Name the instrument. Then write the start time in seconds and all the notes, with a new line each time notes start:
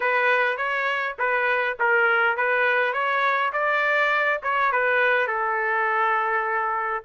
trumpet
0.00 B4
0.57 C#5
1.18 B4
1.79 A#4
2.37 B4
2.93 C#5
3.53 D5
4.43 C#5
4.72 B4
5.27 A4